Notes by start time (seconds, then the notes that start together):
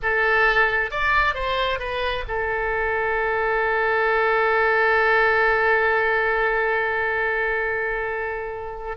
0.02 A4
0.91 D5
1.34 C5
1.79 B4
2.28 A4